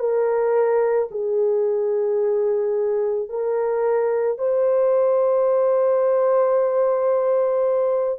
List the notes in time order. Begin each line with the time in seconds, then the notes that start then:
0.00 A#4
1.12 G#4
3.29 A#4
4.38 C5